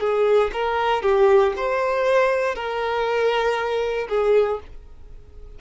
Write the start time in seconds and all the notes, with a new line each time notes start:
0.00 G#4
0.53 A#4
1.03 G4
1.56 C5
2.55 A#4
4.09 G#4